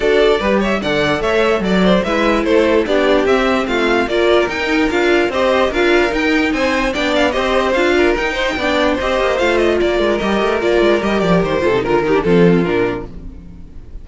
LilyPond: <<
  \new Staff \with { instrumentName = "violin" } { \time 4/4 \tempo 4 = 147 d''4. e''8 fis''4 e''4 | d''4 e''4 c''4 d''4 | e''4 f''4 d''4 g''4 | f''4 dis''4 f''4 g''4 |
gis''4 g''8 f''8 dis''4 f''4 | g''2 dis''4 f''8 dis''8 | d''4 dis''4 d''4 dis''8 d''8 | c''4 ais'8 g'8 a'4 ais'4 | }
  \new Staff \with { instrumentName = "violin" } { \time 4/4 a'4 b'8 cis''8 d''4 cis''4 | d''8 c''8 b'4 a'4 g'4~ | g'4 f'4 ais'2~ | ais'4 c''4 ais'2 |
c''4 d''4 c''4. ais'8~ | ais'8 c''8 d''4 c''2 | ais'1~ | ais'8 a'8 ais'4 f'2 | }
  \new Staff \with { instrumentName = "viola" } { \time 4/4 fis'4 g'4 a'2~ | a'4 e'2 d'4 | c'2 f'4 dis'4 | f'4 g'4 f'4 dis'4~ |
dis'4 d'4 g'4 f'4 | dis'4 d'4 g'4 f'4~ | f'4 g'4 f'4 g'4~ | g'8 f'16 dis'16 f'8 dis'16 d'16 c'4 d'4 | }
  \new Staff \with { instrumentName = "cello" } { \time 4/4 d'4 g4 d4 a4 | fis4 gis4 a4 b4 | c'4 a4 ais4 dis'4 | d'4 c'4 d'4 dis'4 |
c'4 b4 c'4 d'4 | dis'4 b4 c'8 ais8 a4 | ais8 gis8 g8 a8 ais8 gis8 g8 f8 | dis8 c8 d8 dis8 f4 ais,4 | }
>>